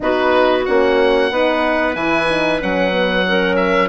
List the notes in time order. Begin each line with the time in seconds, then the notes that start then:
0.00 B3 D#4 F#4 B4
0.65 A#3 C#4 F#5
1.31 B3 D#4 B4
1.94 E3 E4 G#5
2.29 D#4
2.60 F#3 C#4 F#5
2.92 B3
3.26 C#4 A#4
3.55 E5